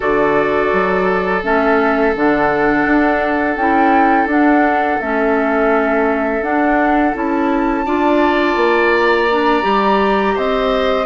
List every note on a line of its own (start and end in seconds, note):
0.00 0.72 D3
0.00 1.41 F#4
0.00 7.85 A4
0.00 1.43 D5
0.72 1.44 F#3
1.43 2.15 A3
1.43 2.14 C#4
1.43 2.15 E5
2.15 2.85 D3
2.15 3.58 D4
2.15 3.56 F#5
2.85 3.56 D4
3.56 4.25 C#4
3.56 4.28 E4
3.56 4.27 G5
4.25 4.97 D4
4.25 4.99 D4
4.25 5.00 F#5
5.00 6.41 A3
5.00 6.43 C#4
5.00 6.43 E5
6.41 7.13 D4
6.41 7.14 F#5
7.13 7.85 C#4
7.13 7.85 E4
7.13 8.94 A5
7.85 8.56 D4
7.85 9.28 F4
7.85 10.34 D5
8.56 9.63 A#3
8.94 10.37 A#5
9.29 9.62 D4
9.62 10.35 G3
9.62 11.04 G4
10.34 11.06 C4
10.34 11.06 C5
10.34 11.06 D#5